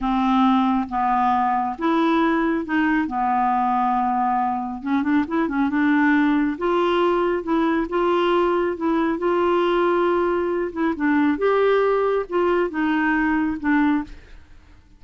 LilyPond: \new Staff \with { instrumentName = "clarinet" } { \time 4/4 \tempo 4 = 137 c'2 b2 | e'2 dis'4 b4~ | b2. cis'8 d'8 | e'8 cis'8 d'2 f'4~ |
f'4 e'4 f'2 | e'4 f'2.~ | f'8 e'8 d'4 g'2 | f'4 dis'2 d'4 | }